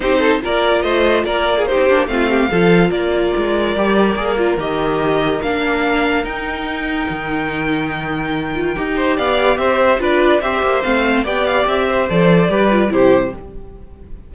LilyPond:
<<
  \new Staff \with { instrumentName = "violin" } { \time 4/4 \tempo 4 = 144 c''4 d''4 dis''4 d''4 | c''4 f''2 d''4~ | d''2. dis''4~ | dis''4 f''2 g''4~ |
g''1~ | g''2 f''4 e''4 | d''4 e''4 f''4 g''8 f''8 | e''4 d''2 c''4 | }
  \new Staff \with { instrumentName = "violin" } { \time 4/4 g'8 a'8 ais'4 c''4 ais'8. gis'16 | g'4 f'8 g'8 a'4 ais'4~ | ais'1~ | ais'1~ |
ais'1~ | ais'4. c''8 d''4 c''4 | b'4 c''2 d''4~ | d''8 c''4. b'4 g'4 | }
  \new Staff \with { instrumentName = "viola" } { \time 4/4 dis'4 f'2. | dis'8 d'8 c'4 f'2~ | f'4 g'4 gis'8 f'8 g'4~ | g'4 d'2 dis'4~ |
dis'1~ | dis'8 f'8 g'2. | f'4 g'4 c'4 g'4~ | g'4 a'4 g'8 f'8 e'4 | }
  \new Staff \with { instrumentName = "cello" } { \time 4/4 c'4 ais4 a4 ais4~ | ais16 c'16 ais8 a4 f4 ais4 | gis4 g4 ais4 dis4~ | dis4 ais2 dis'4~ |
dis'4 dis2.~ | dis4 dis'4 b4 c'4 | d'4 c'8 ais8 a4 b4 | c'4 f4 g4 c4 | }
>>